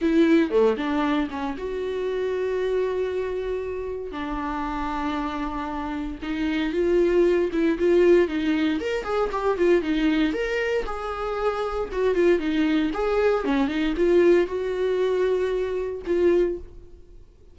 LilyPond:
\new Staff \with { instrumentName = "viola" } { \time 4/4 \tempo 4 = 116 e'4 a8 d'4 cis'8 fis'4~ | fis'1 | d'1 | dis'4 f'4. e'8 f'4 |
dis'4 ais'8 gis'8 g'8 f'8 dis'4 | ais'4 gis'2 fis'8 f'8 | dis'4 gis'4 cis'8 dis'8 f'4 | fis'2. f'4 | }